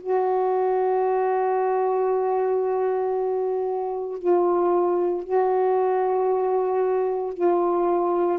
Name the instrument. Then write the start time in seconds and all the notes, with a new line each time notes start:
saxophone
0.00 F#4
4.18 F4
5.23 F#4
7.33 F4